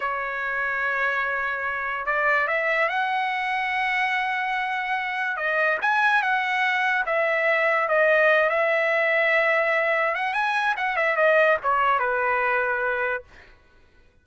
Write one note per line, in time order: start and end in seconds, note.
0.00 2.06 C#5
2.06 2.47 D5
2.47 2.89 E5
2.89 5.36 F#5
5.36 5.78 D#5
5.81 6.22 G#5
6.22 7.05 F#5
7.06 7.88 E5
7.88 8.49 D#5
8.49 10.15 E5
10.15 10.33 F#5
10.33 10.74 G#5
10.76 10.96 F#5
10.96 11.16 E5
11.16 11.57 D#5
11.63 11.99 C#5
11.99 13.23 B4